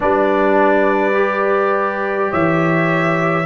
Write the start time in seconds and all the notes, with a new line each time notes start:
0.00 G3 D4 B4 D5
1.13 G4
2.31 E3 C#5 E5